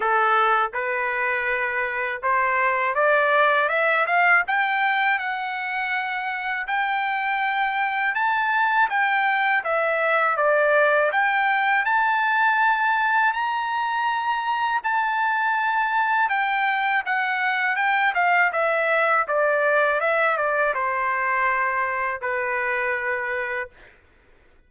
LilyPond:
\new Staff \with { instrumentName = "trumpet" } { \time 4/4 \tempo 4 = 81 a'4 b'2 c''4 | d''4 e''8 f''8 g''4 fis''4~ | fis''4 g''2 a''4 | g''4 e''4 d''4 g''4 |
a''2 ais''2 | a''2 g''4 fis''4 | g''8 f''8 e''4 d''4 e''8 d''8 | c''2 b'2 | }